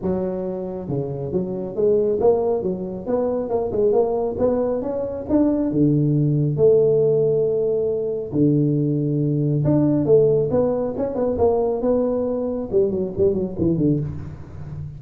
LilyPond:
\new Staff \with { instrumentName = "tuba" } { \time 4/4 \tempo 4 = 137 fis2 cis4 fis4 | gis4 ais4 fis4 b4 | ais8 gis8 ais4 b4 cis'4 | d'4 d2 a4~ |
a2. d4~ | d2 d'4 a4 | b4 cis'8 b8 ais4 b4~ | b4 g8 fis8 g8 fis8 e8 d8 | }